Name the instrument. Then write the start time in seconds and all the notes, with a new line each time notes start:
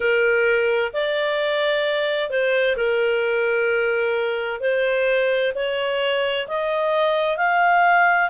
clarinet
0.00 A#4
0.93 D5
2.30 C5
2.76 A#4
4.60 C5
5.54 C#5
6.47 D#5
7.37 F5